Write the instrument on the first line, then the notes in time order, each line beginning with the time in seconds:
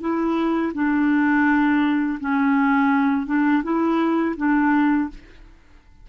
clarinet
0.00 E4
0.74 D4
2.20 C#4
3.26 D4
3.63 E4
4.36 D4